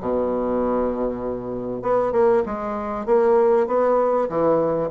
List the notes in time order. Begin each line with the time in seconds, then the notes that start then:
0.00 B2
1.82 B3
2.12 A#3
2.45 G#3
3.06 A#3
3.67 B3
4.29 E3